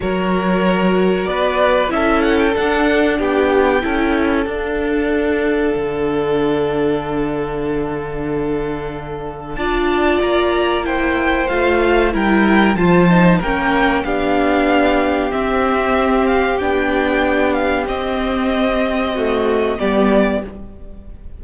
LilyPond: <<
  \new Staff \with { instrumentName = "violin" } { \time 4/4 \tempo 4 = 94 cis''2 d''4 e''8 fis''16 g''16 | fis''4 g''2 f''4~ | f''1~ | f''2. a''4 |
ais''4 g''4 f''4 g''4 | a''4 g''4 f''2 | e''4. f''8 g''4. f''8 | dis''2. d''4 | }
  \new Staff \with { instrumentName = "violin" } { \time 4/4 ais'2 b'4 a'4~ | a'4 g'4 a'2~ | a'1~ | a'2. d''4~ |
d''4 c''2 ais'4 | c''4 ais'4 g'2~ | g'1~ | g'2 fis'4 g'4 | }
  \new Staff \with { instrumentName = "viola" } { \time 4/4 fis'2. e'4 | d'2 e'4 d'4~ | d'1~ | d'2. f'4~ |
f'4 e'4 f'4 e'4 | f'8 dis'8 cis'4 d'2 | c'2 d'2 | c'2 a4 b4 | }
  \new Staff \with { instrumentName = "cello" } { \time 4/4 fis2 b4 cis'4 | d'4 b4 cis'4 d'4~ | d'4 d2.~ | d2. d'4 |
ais2 a4 g4 | f4 ais4 b2 | c'2 b2 | c'2. g4 | }
>>